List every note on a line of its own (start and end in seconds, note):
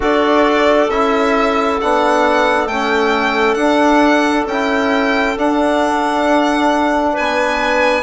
0.00 0.89 D4
0.00 0.89 F#4
0.00 7.12 A4
0.00 0.90 D5
0.89 1.79 C#4
0.89 1.80 E4
0.89 1.79 E5
1.80 2.66 B3
1.80 2.70 D4
1.80 2.67 F#5
2.66 3.55 A3
2.66 3.59 C#4
2.66 3.54 G5
3.54 4.45 D4
3.54 4.48 D4
3.54 4.43 F#5
4.46 5.35 C#4
4.46 5.37 E4
4.46 5.37 G5
5.36 7.15 D4
5.36 8.03 D4
5.36 7.16 F#5
7.12 8.03 B3
7.12 8.02 B4
7.12 8.03 G#5